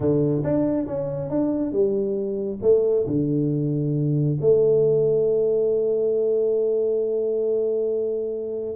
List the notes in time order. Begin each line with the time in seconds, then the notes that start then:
0.00 D3
0.43 D4
0.86 C#4
1.30 D4
1.72 G3
2.62 A3
3.06 D3
4.40 A3